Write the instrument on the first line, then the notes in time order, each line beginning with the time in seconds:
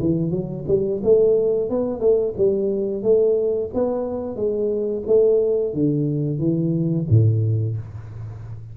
tuba
0.00 E3
0.31 F#3
0.67 G3
1.03 A3
1.69 B3
2.00 A3
2.37 G3
3.02 A3
3.74 B3
4.36 G#3
5.07 A3
5.73 D3
6.39 E3
7.09 A2